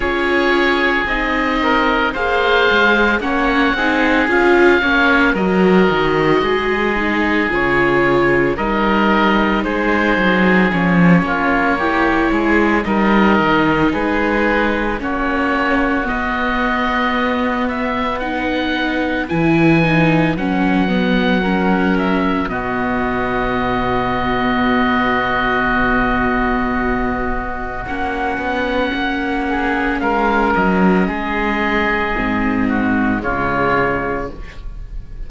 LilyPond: <<
  \new Staff \with { instrumentName = "oboe" } { \time 4/4 \tempo 4 = 56 cis''4 dis''4 f''4 fis''4 | f''4 dis''2 cis''4 | dis''4 c''4 cis''2 | dis''4 b'4 cis''4 dis''4~ |
dis''8 e''8 fis''4 gis''4 fis''4~ | fis''8 e''8 dis''2.~ | dis''2 fis''2 | f''8 dis''2~ dis''8 cis''4 | }
  \new Staff \with { instrumentName = "oboe" } { \time 4/4 gis'4. ais'8 c''4 cis''8 gis'8~ | gis'8 cis''8 ais'4 gis'2 | ais'4 gis'4. f'8 g'8 gis'8 | ais'4 gis'4 fis'2~ |
fis'4 b'2. | ais'4 fis'2.~ | fis'2.~ fis'8 gis'8 | ais'4 gis'4. fis'8 f'4 | }
  \new Staff \with { instrumentName = "viola" } { \time 4/4 f'4 dis'4 gis'4 cis'8 dis'8 | f'8 cis'8 fis'4. dis'8 f'4 | dis'2 cis'4 e'4 | dis'2 cis'4 b4~ |
b4 dis'4 e'8 dis'8 cis'8 b8 | cis'4 b2.~ | b2 cis'2~ | cis'2 c'4 gis4 | }
  \new Staff \with { instrumentName = "cello" } { \time 4/4 cis'4 c'4 ais8 gis8 ais8 c'8 | cis'8 ais8 fis8 dis8 gis4 cis4 | g4 gis8 fis8 f8 ais4 gis8 | g8 dis8 gis4 ais4 b4~ |
b2 e4 fis4~ | fis4 b,2.~ | b,2 ais8 b8 ais4 | gis8 fis8 gis4 gis,4 cis4 | }
>>